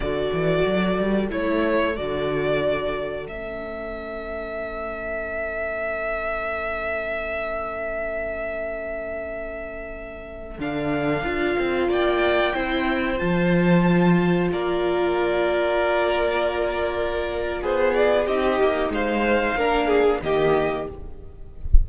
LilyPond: <<
  \new Staff \with { instrumentName = "violin" } { \time 4/4 \tempo 4 = 92 d''2 cis''4 d''4~ | d''4 e''2.~ | e''1~ | e''1~ |
e''16 f''2 g''4.~ g''16~ | g''16 a''2 d''4.~ d''16~ | d''2. c''8 d''8 | dis''4 f''2 dis''4 | }
  \new Staff \with { instrumentName = "violin" } { \time 4/4 a'1~ | a'1~ | a'1~ | a'1~ |
a'2~ a'16 d''4 c''8.~ | c''2~ c''16 ais'4.~ ais'16~ | ais'2. gis'4 | g'4 c''4 ais'8 gis'8 g'4 | }
  \new Staff \with { instrumentName = "viola" } { \time 4/4 fis'2 e'4 fis'4~ | fis'4 cis'2.~ | cis'1~ | cis'1~ |
cis'16 d'4 f'2 e'8.~ | e'16 f'2.~ f'8.~ | f'1 | dis'2 d'4 ais4 | }
  \new Staff \with { instrumentName = "cello" } { \time 4/4 d8 e8 fis8 g8 a4 d4~ | d4 a2.~ | a1~ | a1~ |
a16 d4 d'8 c'8 ais4 c'8.~ | c'16 f2 ais4.~ ais16~ | ais2. b4 | c'8 ais8 gis4 ais4 dis4 | }
>>